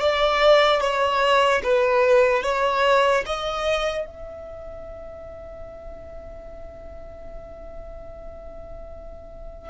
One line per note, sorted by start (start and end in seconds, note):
0.00 0.80 D5
0.80 1.61 C#5
1.63 2.43 B4
2.43 3.24 C#5
3.26 4.06 D#5
4.06 9.69 E5